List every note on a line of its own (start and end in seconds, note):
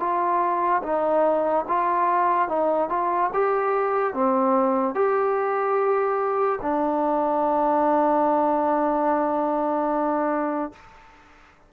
0.00 0.82 F4
0.83 1.65 D#4
1.68 2.48 F4
2.48 2.90 D#4
2.90 3.31 F4
3.34 4.14 G4
4.14 4.95 C4
4.95 6.59 G4
6.62 10.73 D4